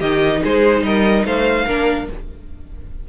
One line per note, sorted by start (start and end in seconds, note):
0.00 0.42 D#3
0.00 1.67 D#4
0.00 0.41 G4
0.00 0.42 D#5
0.43 0.83 G#3
0.43 0.84 G#4
0.43 0.84 C5
0.83 1.24 G3
0.83 1.25 A#4
0.83 1.25 D#5
1.25 1.66 A3
1.25 1.66 C5
1.25 2.09 F5
1.66 2.08 A#3
1.66 2.09 D4
1.66 2.07 A#4